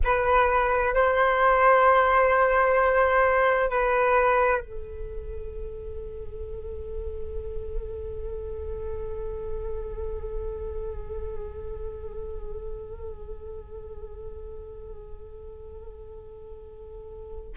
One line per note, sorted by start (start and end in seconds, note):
0.03 0.94 B4
0.94 3.70 C5
3.70 4.61 B4
4.61 17.53 A4